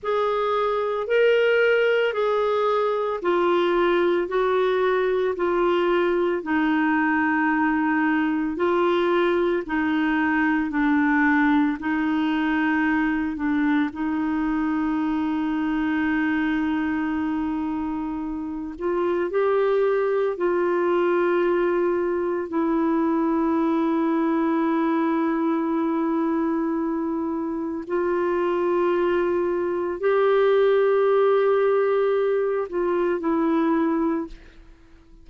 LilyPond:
\new Staff \with { instrumentName = "clarinet" } { \time 4/4 \tempo 4 = 56 gis'4 ais'4 gis'4 f'4 | fis'4 f'4 dis'2 | f'4 dis'4 d'4 dis'4~ | dis'8 d'8 dis'2.~ |
dis'4. f'8 g'4 f'4~ | f'4 e'2.~ | e'2 f'2 | g'2~ g'8 f'8 e'4 | }